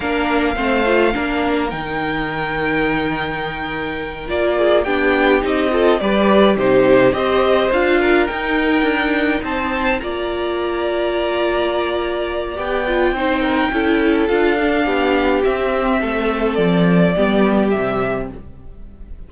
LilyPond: <<
  \new Staff \with { instrumentName = "violin" } { \time 4/4 \tempo 4 = 105 f''2. g''4~ | g''2.~ g''8 d''8~ | d''8 g''4 dis''4 d''4 c''8~ | c''8 dis''4 f''4 g''4.~ |
g''8 a''4 ais''2~ ais''8~ | ais''2 g''2~ | g''4 f''2 e''4~ | e''4 d''2 e''4 | }
  \new Staff \with { instrumentName = "violin" } { \time 4/4 ais'4 c''4 ais'2~ | ais'1 | gis'8 g'4. a'8 b'4 g'8~ | g'8 c''4. ais'2~ |
ais'8 c''4 d''2~ d''8~ | d''2. c''8 ais'8 | a'2 g'2 | a'2 g'2 | }
  \new Staff \with { instrumentName = "viola" } { \time 4/4 d'4 c'8 f'8 d'4 dis'4~ | dis'2.~ dis'8 f'8~ | f'8 d'4 dis'8 f'8 g'4 dis'8~ | dis'8 g'4 f'4 dis'4.~ |
dis'4. f'2~ f'8~ | f'2 g'8 f'8 dis'4 | e'4 f'8 d'4. c'4~ | c'2 b4 g4 | }
  \new Staff \with { instrumentName = "cello" } { \time 4/4 ais4 a4 ais4 dis4~ | dis2.~ dis8 ais8~ | ais8 b4 c'4 g4 c8~ | c8 c'4 d'4 dis'4 d'8~ |
d'8 c'4 ais2~ ais8~ | ais2 b4 c'4 | cis'4 d'4 b4 c'4 | a4 f4 g4 c4 | }
>>